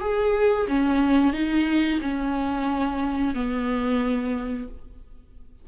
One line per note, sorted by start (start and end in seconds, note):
0.00 0.67 G#4
0.68 1.33 C#4
1.33 2.00 D#4
2.01 3.35 C#4
3.35 4.68 B3